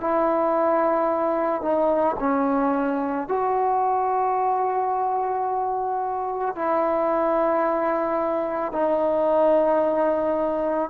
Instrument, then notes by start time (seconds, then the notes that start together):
trombone
0.00 E4
1.62 D#4
2.19 C#4
3.28 F#4
6.55 E4
8.72 D#4